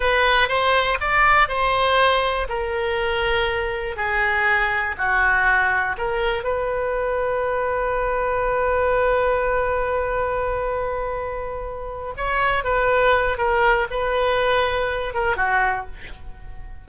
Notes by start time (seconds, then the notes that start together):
0.00 B4
0.48 C5
1.00 D5
1.48 C5
2.48 A#4
3.96 G#4
4.97 F#4
5.97 A#4
6.43 B4
12.16 C#5
12.64 B4
13.37 A#4
13.90 B4
15.14 A#4
15.36 F#4